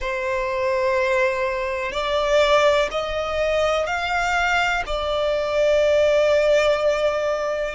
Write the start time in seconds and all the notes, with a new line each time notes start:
0.00 C5
1.92 D5
2.91 D#5
3.86 F5
4.86 D5